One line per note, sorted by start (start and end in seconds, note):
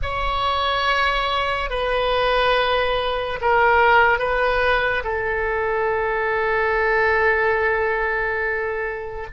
0.02 1.70 C#5
1.70 3.39 B4
3.41 4.18 A#4
4.18 5.03 B4
5.04 9.26 A4